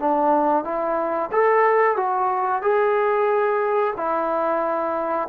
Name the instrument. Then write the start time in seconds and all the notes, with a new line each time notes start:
trombone
0.00 D4
0.64 E4
1.32 A4
1.97 F#4
2.63 G#4
3.97 E4